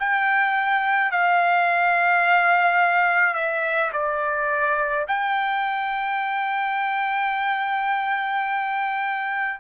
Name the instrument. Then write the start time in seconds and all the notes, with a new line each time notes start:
trumpet
0.00 G5
1.12 F5
3.34 E5
3.93 D5
5.08 G5